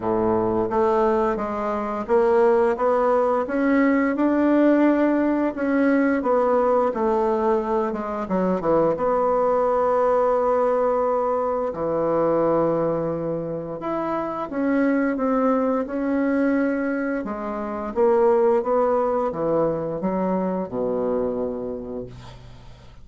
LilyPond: \new Staff \with { instrumentName = "bassoon" } { \time 4/4 \tempo 4 = 87 a,4 a4 gis4 ais4 | b4 cis'4 d'2 | cis'4 b4 a4. gis8 | fis8 e8 b2.~ |
b4 e2. | e'4 cis'4 c'4 cis'4~ | cis'4 gis4 ais4 b4 | e4 fis4 b,2 | }